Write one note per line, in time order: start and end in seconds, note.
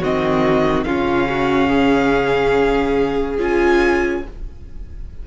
0.00 0.87 D#3
0.00 0.86 C4
0.00 0.85 F#4
0.00 0.83 D#5
0.83 3.38 C#3
0.83 3.38 C#4
0.83 1.29 F4
0.83 3.37 F5
1.30 1.69 F#4
1.69 4.22 G#4
3.38 4.23 C#4
3.38 4.23 F4
3.38 4.27 G#5